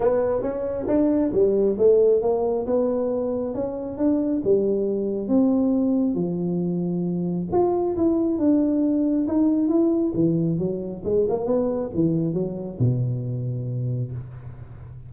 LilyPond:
\new Staff \with { instrumentName = "tuba" } { \time 4/4 \tempo 4 = 136 b4 cis'4 d'4 g4 | a4 ais4 b2 | cis'4 d'4 g2 | c'2 f2~ |
f4 f'4 e'4 d'4~ | d'4 dis'4 e'4 e4 | fis4 gis8 ais8 b4 e4 | fis4 b,2. | }